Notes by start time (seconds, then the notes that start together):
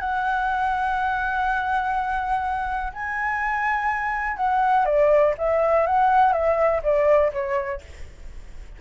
0.00 F#5
2.93 G#5
4.37 F#5
4.86 D5
5.38 E5
5.87 F#5
6.33 E5
6.83 D5
7.33 C#5